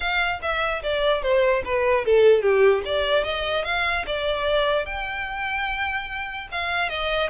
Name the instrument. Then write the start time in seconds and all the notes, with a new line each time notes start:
violin
0.00 F5
0.42 E5
0.82 D5
1.22 C5
1.65 B4
2.05 A4
2.42 G4
2.85 D5
3.23 D#5
3.64 F5
4.06 D5
4.85 G5
6.51 F5
6.89 D#5